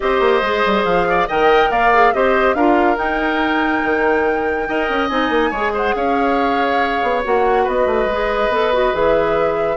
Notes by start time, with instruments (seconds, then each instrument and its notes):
0.00 bassoon C4, clarinet G4, oboe C5, flute D#5
0.20 bassoon A#3
0.42 bassoon G#3, clarinet G#4
0.65 bassoon G3
0.84 bassoon F3, flute F5
1.09 oboe D5
1.27 bassoon D#3, clarinet A#4, oboe D#5, flute G5
1.70 bassoon A#3, oboe D5, flute F5
1.93 clarinet G#4
2.13 bassoon C4, clarinet G4, oboe C5, flute D#5
2.53 bassoon D4, clarinet F4, oboe A#4, flute F5
2.96 clarinet D#4, bassoon D#4, flute G5
3.83 bassoon D#3
4.68 bassoon D#4, clarinet A#4, oboe D#5
4.89 bassoon C#4
5.09 bassoon C4, clarinet D#4, flute G#5
5.29 bassoon A#3
5.50 bassoon G#3, clarinet G#4, oboe C#5
5.73 oboe C5, flute F#5
5.95 bassoon C#4, oboe C#5, flute F5
7.02 bassoon B3
7.23 bassoon A#3, clarinet F#4, flute F#5
7.63 bassoon B3, oboe B4, flute D#5
7.86 bassoon A3
8.05 bassoon G#3
8.11 clarinet G#4
8.49 bassoon B3, clarinet A4
8.73 clarinet F#4
8.93 bassoon E3, clarinet G#4, flute E5